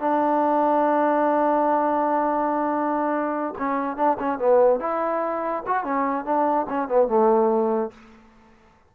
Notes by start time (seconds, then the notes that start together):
0.00 D4
3.58 C#4
3.97 D4
4.19 C#4
4.39 B3
4.80 E4
5.67 F#4
5.84 C#4
6.25 D4
6.69 C#4
6.88 B3
7.08 A3